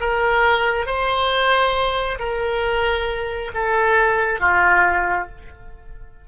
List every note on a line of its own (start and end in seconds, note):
0.00 0.86 A#4
0.86 2.19 C5
2.19 3.52 A#4
3.55 4.40 A4
4.40 5.28 F4